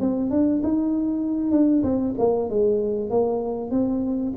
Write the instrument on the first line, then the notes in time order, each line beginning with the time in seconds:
tuba
0.00 C4
0.30 D4
0.63 D#4
1.51 D4
1.83 C4
2.18 A#3
2.49 G#3
3.10 A#3
3.71 C4